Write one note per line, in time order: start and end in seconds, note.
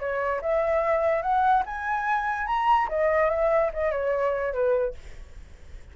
0.00 0.41 C#5
0.42 1.22 E5
1.22 1.63 F#5
1.66 2.47 G#5
2.47 2.88 A#5
2.89 3.30 D#5
3.30 3.71 E5
3.74 3.92 D#5
3.92 4.54 C#5
4.54 4.95 B4